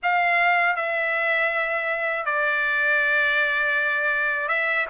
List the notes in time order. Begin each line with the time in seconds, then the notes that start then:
0.02 F5
0.76 E5
2.25 D5
4.48 E5